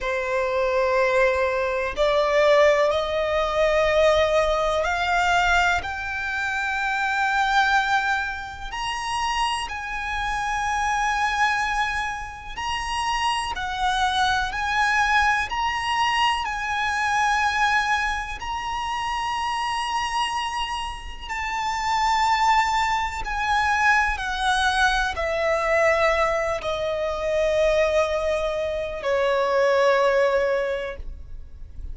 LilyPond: \new Staff \with { instrumentName = "violin" } { \time 4/4 \tempo 4 = 62 c''2 d''4 dis''4~ | dis''4 f''4 g''2~ | g''4 ais''4 gis''2~ | gis''4 ais''4 fis''4 gis''4 |
ais''4 gis''2 ais''4~ | ais''2 a''2 | gis''4 fis''4 e''4. dis''8~ | dis''2 cis''2 | }